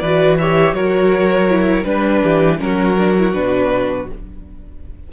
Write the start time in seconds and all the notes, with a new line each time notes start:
0.00 E3 F#4 B4 D5
0.39 G4 C#5 E5
0.73 F#3 F#4 A#4 C#5
1.50 E4
1.85 G3 D4 B4
2.23 E3 G4
2.58 F#3 C#4 A#4
2.65 F#4
2.98 D4
3.18 E4
3.33 B2 D4 B4